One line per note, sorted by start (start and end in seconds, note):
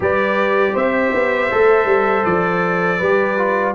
0.00 0.73 G3
0.00 1.49 G4
0.00 0.73 B4
0.00 0.76 D5
0.73 1.12 C4
0.73 2.98 C5
0.73 2.25 E5
1.13 1.51 B3
1.51 1.85 A3
1.51 3.01 A4
1.85 2.22 G3
2.25 3.00 F3
2.25 3.74 D5
2.98 3.74 G3
2.98 3.37 G4
2.98 3.73 B4
3.37 3.74 F4